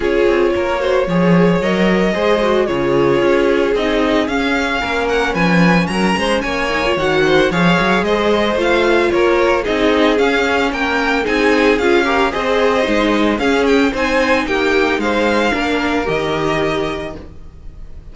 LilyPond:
<<
  \new Staff \with { instrumentName = "violin" } { \time 4/4 \tempo 4 = 112 cis''2. dis''4~ | dis''4 cis''2 dis''4 | f''4. fis''8 gis''4 ais''4 | gis''4 fis''4 f''4 dis''4 |
f''4 cis''4 dis''4 f''4 | g''4 gis''4 f''4 dis''4~ | dis''4 f''8 g''8 gis''4 g''4 | f''2 dis''2 | }
  \new Staff \with { instrumentName = "violin" } { \time 4/4 gis'4 ais'8 c''8 cis''2 | c''4 gis'2.~ | gis'4 ais'4 b'4 ais'8 c''8 | cis''4. c''8 cis''4 c''4~ |
c''4 ais'4 gis'2 | ais'4 gis'4. ais'8 c''4~ | c''4 gis'4 c''4 g'4 | c''4 ais'2. | }
  \new Staff \with { instrumentName = "viola" } { \time 4/4 f'4. fis'8 gis'4 ais'4 | gis'8 fis'8 f'2 dis'4 | cis'1~ | cis'8 dis'16 f'16 fis'4 gis'2 |
f'2 dis'4 cis'4~ | cis'4 dis'4 f'8 g'8 gis'4 | dis'4 cis'4 dis'2~ | dis'4 d'4 g'2 | }
  \new Staff \with { instrumentName = "cello" } { \time 4/4 cis'8 c'8 ais4 f4 fis4 | gis4 cis4 cis'4 c'4 | cis'4 ais4 f4 fis8 gis8 | ais4 dis4 f8 fis8 gis4 |
a4 ais4 c'4 cis'4 | ais4 c'4 cis'4 c'4 | gis4 cis'4 c'4 ais4 | gis4 ais4 dis2 | }
>>